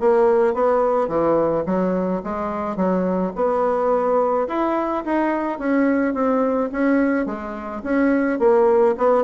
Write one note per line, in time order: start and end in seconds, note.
0.00 0.54 A#3
0.54 1.08 B3
1.08 1.64 E3
1.66 2.22 F#3
2.24 2.77 G#3
2.77 3.33 F#3
3.36 4.48 B3
4.48 5.04 E4
5.05 5.59 D#4
5.59 6.14 C#4
6.14 6.70 C4
6.72 7.26 C#4
7.26 7.82 G#3
7.84 8.39 C#4
8.39 8.95 A#3
8.98 9.24 B3